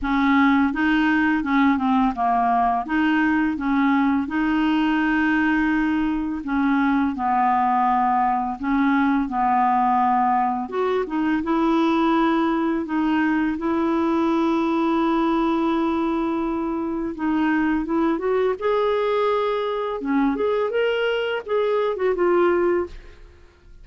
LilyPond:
\new Staff \with { instrumentName = "clarinet" } { \time 4/4 \tempo 4 = 84 cis'4 dis'4 cis'8 c'8 ais4 | dis'4 cis'4 dis'2~ | dis'4 cis'4 b2 | cis'4 b2 fis'8 dis'8 |
e'2 dis'4 e'4~ | e'1 | dis'4 e'8 fis'8 gis'2 | cis'8 gis'8 ais'4 gis'8. fis'16 f'4 | }